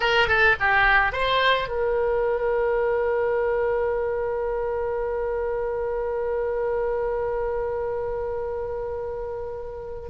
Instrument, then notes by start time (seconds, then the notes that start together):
oboe
0.00 A#4
0.28 A4
0.60 G4
1.12 C5
1.68 A#4